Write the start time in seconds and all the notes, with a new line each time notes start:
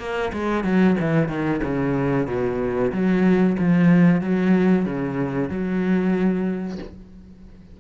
0.00 A#3
0.33 G#3
0.64 F#3
1.00 E3
1.29 D#3
1.63 C#3
2.27 B2
2.92 F#3
3.59 F3
4.21 F#3
4.86 C#3
5.50 F#3